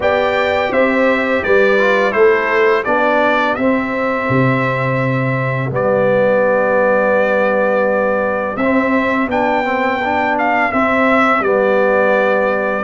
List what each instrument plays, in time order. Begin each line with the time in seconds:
0.00 tuba B3, trombone G4, horn D5, trumpet G5
0.71 tuba C4, horn C5, trumpet E5
1.42 tuba G3, horn B4, trumpet D5
1.78 trombone F4
2.11 tuba A3, trombone E4, horn A4, trumpet C5
2.84 tuba B3, trombone D4, horn G4, trumpet D5
3.55 tuba C4, trombone C4, trumpet E5
4.29 tuba C3
5.70 tuba G3, trombone B3, trumpet D5
8.56 tuba C4, trombone C4, trumpet E5
9.26 tuba B3, trombone D4, trumpet G5
9.64 trombone C4
10.04 trombone D4
10.38 trumpet F5
10.71 trombone C4, tuba C4, trumpet E5
11.40 tuba G3, trombone B3, trumpet D5